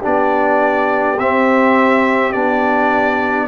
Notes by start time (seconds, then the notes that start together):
0.00 D4 G4 D5
0.06 B3
1.19 C4 E5
2.32 B3 D4 D5